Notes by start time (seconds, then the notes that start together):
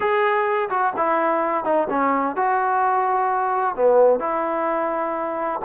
0.00 G#4
0.69 F#4
0.97 E4
1.64 D#4
1.89 C#4
2.35 F#4
3.75 B3
4.19 E4